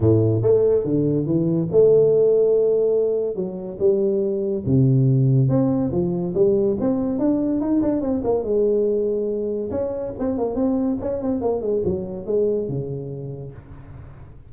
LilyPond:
\new Staff \with { instrumentName = "tuba" } { \time 4/4 \tempo 4 = 142 a,4 a4 d4 e4 | a1 | fis4 g2 c4~ | c4 c'4 f4 g4 |
c'4 d'4 dis'8 d'8 c'8 ais8 | gis2. cis'4 | c'8 ais8 c'4 cis'8 c'8 ais8 gis8 | fis4 gis4 cis2 | }